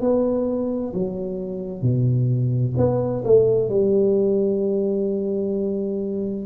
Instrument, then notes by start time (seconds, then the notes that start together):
tuba
0.00 B3
0.93 F#3
1.82 B2
2.77 B3
3.24 A3
3.69 G3